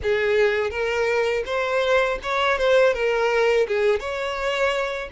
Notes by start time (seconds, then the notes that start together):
0.02 G#4
0.70 A#4
1.45 C5
2.22 C#5
2.58 C5
2.93 A#4
3.67 G#4
3.99 C#5